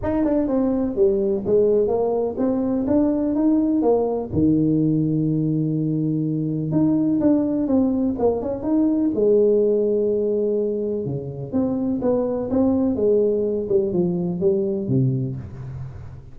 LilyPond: \new Staff \with { instrumentName = "tuba" } { \time 4/4 \tempo 4 = 125 dis'8 d'8 c'4 g4 gis4 | ais4 c'4 d'4 dis'4 | ais4 dis2.~ | dis2 dis'4 d'4 |
c'4 ais8 cis'8 dis'4 gis4~ | gis2. cis4 | c'4 b4 c'4 gis4~ | gis8 g8 f4 g4 c4 | }